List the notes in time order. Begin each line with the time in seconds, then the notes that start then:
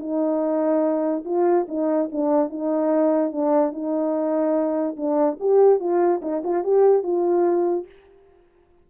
0.00 D#4
1.25 F4
1.69 D#4
2.12 D4
2.50 D#4
3.32 D4
3.73 D#4
4.97 D4
5.40 G4
5.80 F4
6.22 D#4
6.44 F4
6.64 G4
7.03 F4